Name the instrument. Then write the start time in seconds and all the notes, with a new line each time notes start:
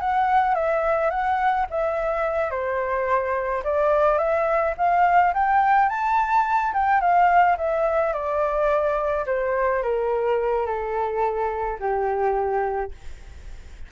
flute
0.00 F#5
0.54 E5
1.10 F#5
1.70 E5
2.51 C5
3.64 D5
4.18 E5
4.77 F5
5.34 G5
5.89 A5
6.73 G5
7.00 F5
7.57 E5
8.13 D5
9.26 C5
9.82 A#4
10.66 A4
11.79 G4